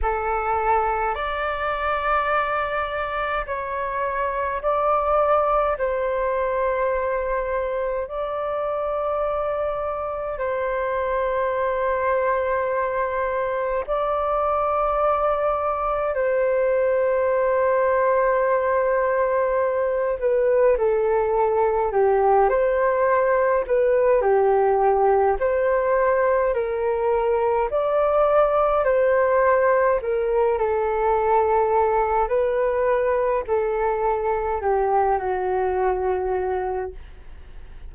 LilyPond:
\new Staff \with { instrumentName = "flute" } { \time 4/4 \tempo 4 = 52 a'4 d''2 cis''4 | d''4 c''2 d''4~ | d''4 c''2. | d''2 c''2~ |
c''4. b'8 a'4 g'8 c''8~ | c''8 b'8 g'4 c''4 ais'4 | d''4 c''4 ais'8 a'4. | b'4 a'4 g'8 fis'4. | }